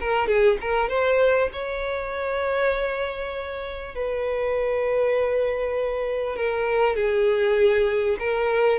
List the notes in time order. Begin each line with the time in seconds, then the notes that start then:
0.00 A#4
0.27 G#4
0.61 A#4
0.89 C5
1.53 C#5
3.95 B4
6.36 A#4
6.96 G#4
8.19 A#4